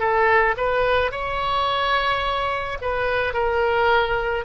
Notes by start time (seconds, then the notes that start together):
0.00 A4
0.57 B4
1.12 C#5
2.81 B4
3.34 A#4